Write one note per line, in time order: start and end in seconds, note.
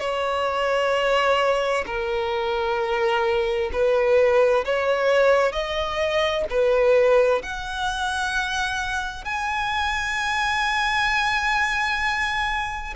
0.00 1.85 C#5
1.86 3.71 A#4
3.73 4.65 B4
4.65 5.52 C#5
5.52 6.44 D#5
6.50 7.42 B4
7.43 9.25 F#5
9.25 12.94 G#5